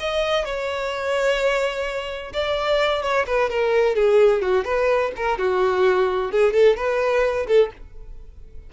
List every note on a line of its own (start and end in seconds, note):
0.00 0.45 D#5
0.45 2.33 C#5
2.33 3.03 D5
3.03 3.26 C#5
3.27 3.50 B4
3.50 3.96 A#4
3.96 4.42 G#4
4.42 4.65 F#4
4.65 5.12 B4
5.17 5.39 A#4
5.39 6.32 F#4
6.32 6.53 G#4
6.53 6.77 A4
6.77 7.47 B4
7.47 7.71 A4